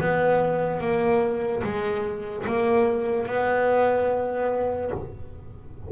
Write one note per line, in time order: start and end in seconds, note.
0.00 0.80 B3
0.80 1.63 A#3
1.63 2.45 G#3
2.47 3.26 A#3
3.26 4.91 B3